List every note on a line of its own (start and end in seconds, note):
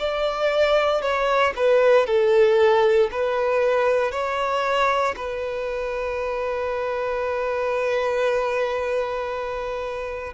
0.00 1.02 D5
1.02 1.54 C#5
1.57 2.07 B4
2.07 3.10 A4
3.12 4.12 B4
4.12 5.15 C#5
5.17 10.34 B4